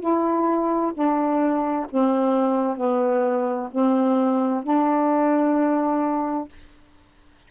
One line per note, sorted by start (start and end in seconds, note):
0.00 0.92 E4
0.94 1.86 D4
1.90 2.77 C4
2.77 3.69 B3
3.71 4.64 C4
4.64 6.48 D4